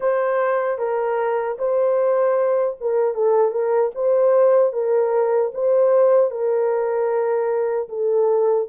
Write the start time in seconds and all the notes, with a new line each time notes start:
0.00 C5
0.78 A#4
1.58 C5
2.80 A#4
3.14 A4
3.51 A#4
3.94 C5
4.72 A#4
5.53 C5
6.30 A#4
7.88 A4